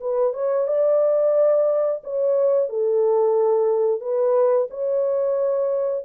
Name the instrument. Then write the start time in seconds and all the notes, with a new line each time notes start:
horn
0.00 B4
0.33 C#5
0.67 D5
2.03 C#5
2.69 A4
4.01 B4
4.70 C#5